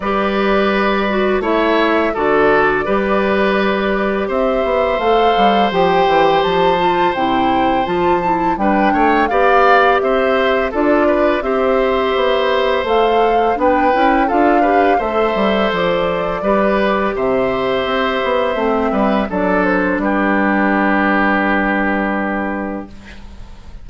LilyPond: <<
  \new Staff \with { instrumentName = "flute" } { \time 4/4 \tempo 4 = 84 d''2 e''4 d''4~ | d''2 e''4 f''4 | g''4 a''4 g''4 a''4 | g''4 f''4 e''4 d''4 |
e''2 f''4 g''4 | f''4 e''4 d''2 | e''2. d''8 c''8 | b'1 | }
  \new Staff \with { instrumentName = "oboe" } { \time 4/4 b'2 cis''4 a'4 | b'2 c''2~ | c''1 | b'8 cis''8 d''4 c''4 a'8 b'8 |
c''2. b'4 | a'8 b'8 c''2 b'4 | c''2~ c''8 b'8 a'4 | g'1 | }
  \new Staff \with { instrumentName = "clarinet" } { \time 4/4 g'4. fis'8 e'4 fis'4 | g'2. a'4 | g'4. f'8 e'4 f'8 e'8 | d'4 g'2 f'4 |
g'2 a'4 d'8 e'8 | f'8 g'8 a'2 g'4~ | g'2 c'4 d'4~ | d'1 | }
  \new Staff \with { instrumentName = "bassoon" } { \time 4/4 g2 a4 d4 | g2 c'8 b8 a8 g8 | f8 e8 f4 c4 f4 | g8 a8 b4 c'4 d'4 |
c'4 b4 a4 b8 cis'8 | d'4 a8 g8 f4 g4 | c4 c'8 b8 a8 g8 fis4 | g1 | }
>>